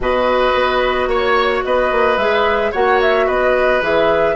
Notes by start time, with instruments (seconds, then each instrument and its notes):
0.00 bassoon B2, clarinet F#4, oboe B4, flute D#5
0.53 bassoon B3
1.06 bassoon A#3, oboe C#5, flute C#5
1.64 bassoon B3, oboe B4, flute D#5
1.91 bassoon A#3
2.17 bassoon G#3, clarinet G#4, flute E5
2.71 bassoon A#3, clarinet F#4, oboe C#5, flute F#5
3.01 flute E5
3.26 bassoon B3, oboe B4, flute D#5
3.80 bassoon E3, clarinet G#4, flute E5